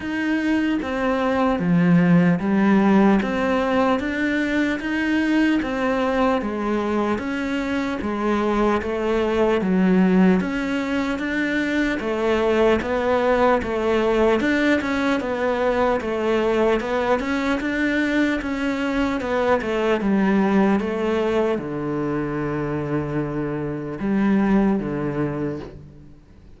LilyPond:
\new Staff \with { instrumentName = "cello" } { \time 4/4 \tempo 4 = 75 dis'4 c'4 f4 g4 | c'4 d'4 dis'4 c'4 | gis4 cis'4 gis4 a4 | fis4 cis'4 d'4 a4 |
b4 a4 d'8 cis'8 b4 | a4 b8 cis'8 d'4 cis'4 | b8 a8 g4 a4 d4~ | d2 g4 d4 | }